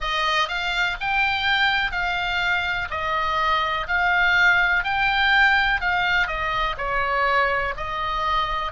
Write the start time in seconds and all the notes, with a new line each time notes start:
0.00 D#5
0.48 F5
1.00 G5
1.91 F5
2.90 D#5
3.87 F5
4.83 G5
5.81 F5
6.27 D#5
6.77 C#5
7.76 D#5